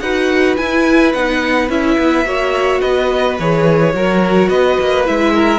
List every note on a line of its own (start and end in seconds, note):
0.00 0.57 D#4
0.00 0.58 F#4
0.00 2.26 B4
0.00 0.56 F#5
0.56 1.14 E4
0.56 1.12 G#5
1.13 1.69 B3
1.13 1.69 D#4
1.13 1.69 F#5
1.69 1.97 C#4
1.69 2.25 E4
1.69 2.81 E5
1.98 2.25 B3
2.25 2.81 A#3
2.25 3.37 F#4
2.25 2.81 C#5
2.81 3.39 B3
2.81 3.93 B4
2.81 3.37 D#5
3.39 3.94 E3
3.39 3.94 G#4
3.39 4.49 C#5
3.94 4.49 F#3
3.94 5.05 F#4
3.94 4.49 A#4
4.49 4.77 B3
4.49 5.33 B4
4.49 5.05 D#5
4.80 5.08 A#3
5.05 5.59 G#3
5.05 5.59 E4
5.05 5.59 E5
5.34 5.59 A#4